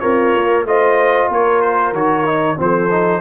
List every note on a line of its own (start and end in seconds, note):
0.00 0.35 C4
0.00 0.65 F4
0.00 0.66 A#4
0.00 0.64 C#5
0.35 0.64 A#3
0.64 1.28 A3
0.64 1.95 F4
0.64 1.29 C5
0.64 1.31 D#5
1.29 1.93 A#3
1.29 2.57 A#4
1.29 1.62 C#5
1.62 1.93 C5
1.93 2.57 D#3
1.93 2.25 F#4
1.93 2.59 C#5
2.25 2.57 D#4
2.57 3.21 F3
2.57 2.89 C4
2.57 3.21 A4
2.57 3.21 C5
2.90 3.21 D#4